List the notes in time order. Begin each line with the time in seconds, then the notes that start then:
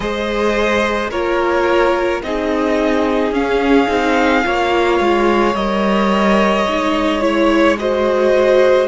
0.00 G#3 G#4 C5 D#5
1.10 A#3 F4 A#4 C#5
2.22 C4 D#4 G#4 D#5
3.31 C#4 F5
3.87 C4 D#4
4.43 A#3 F4 C#5
5.00 G#3
5.54 G3 A#4 D#5
6.67 G#3 D#4
7.20 E4 C#5
7.78 F#4 C5 D#5